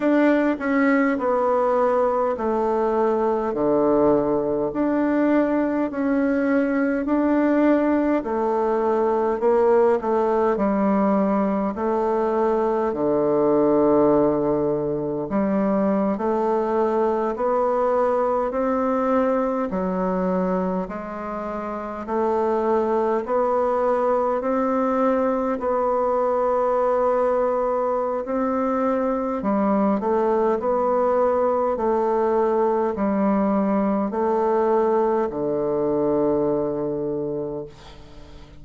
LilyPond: \new Staff \with { instrumentName = "bassoon" } { \time 4/4 \tempo 4 = 51 d'8 cis'8 b4 a4 d4 | d'4 cis'4 d'4 a4 | ais8 a8 g4 a4 d4~ | d4 g8. a4 b4 c'16~ |
c'8. fis4 gis4 a4 b16~ | b8. c'4 b2~ b16 | c'4 g8 a8 b4 a4 | g4 a4 d2 | }